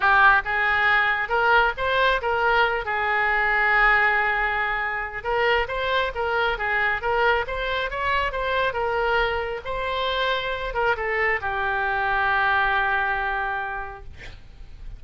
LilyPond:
\new Staff \with { instrumentName = "oboe" } { \time 4/4 \tempo 4 = 137 g'4 gis'2 ais'4 | c''4 ais'4. gis'4.~ | gis'1 | ais'4 c''4 ais'4 gis'4 |
ais'4 c''4 cis''4 c''4 | ais'2 c''2~ | c''8 ais'8 a'4 g'2~ | g'1 | }